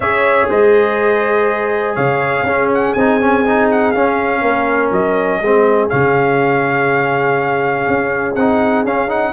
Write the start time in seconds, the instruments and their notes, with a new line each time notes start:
0.00 tuba C#4, trombone G#4, horn C#5, trumpet E5
0.49 tuba G#3, horn C5, trumpet D#5
1.95 tuba C#3, horn C#5, trumpet F5
2.43 tuba C#4, trombone C#4, horn G#4
2.73 trumpet F#5
2.93 tuba C4, trombone D#4, trumpet G#5
3.20 trombone C#4
3.45 trombone D#4
3.71 trumpet F#5
3.91 tuba C#4, trombone C#4, trumpet F5
4.41 tuba A#3, horn A#4
4.91 tuba F#3, trumpet D#5
5.40 tuba G#3, trombone C4, horn G#4
5.89 tuba C#3, trombone C#4, trumpet F5
7.87 tuba C#4
8.35 tuba C4, trombone D#4, trumpet F#5
8.84 tuba C#4, trombone C#4, trumpet F5
9.08 trombone D#4, trumpet F#5